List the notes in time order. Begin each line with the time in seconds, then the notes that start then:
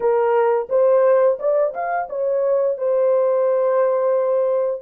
0.00 A#4
0.69 C5
1.39 D5
1.74 F5
2.09 C#5
2.77 C5